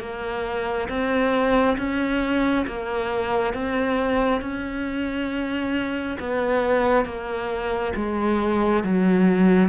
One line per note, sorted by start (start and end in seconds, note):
0.00 0.88 A#3
0.89 1.77 C4
1.78 2.66 C#4
2.67 3.53 A#3
3.53 4.41 C4
4.41 6.18 C#4
6.20 7.05 B3
7.05 7.93 A#3
7.96 8.84 G#3
8.84 9.69 F#3